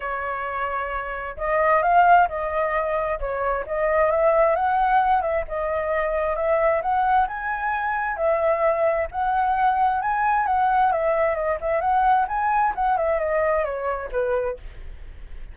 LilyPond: \new Staff \with { instrumentName = "flute" } { \time 4/4 \tempo 4 = 132 cis''2. dis''4 | f''4 dis''2 cis''4 | dis''4 e''4 fis''4. e''8 | dis''2 e''4 fis''4 |
gis''2 e''2 | fis''2 gis''4 fis''4 | e''4 dis''8 e''8 fis''4 gis''4 | fis''8 e''8 dis''4 cis''4 b'4 | }